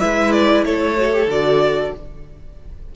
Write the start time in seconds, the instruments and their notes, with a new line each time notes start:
0.00 cello G#3, viola E4, violin B4 E5
0.32 violin D5
0.65 cello A3, violin A4 C#5
0.97 viola F#4
1.13 viola G4
1.27 cello D3, viola F#4, violin D5